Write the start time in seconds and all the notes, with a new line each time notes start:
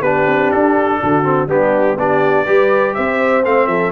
0.00 B3 D4 G4 B4
0.27 C4
0.51 D4 A4
1.01 D3 F#4
1.23 C4
1.47 G3 B3 D4 G4
1.97 B3 D4 G4 D5
2.45 G3 G4 B4
2.94 C4 C5 E5
3.44 A3 C4 F5
3.67 F3 A4 E5